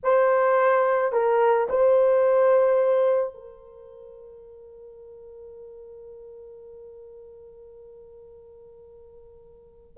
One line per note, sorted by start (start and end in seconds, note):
0.03 1.12 C5
1.12 1.67 A#4
1.69 3.33 C5
3.33 9.97 A#4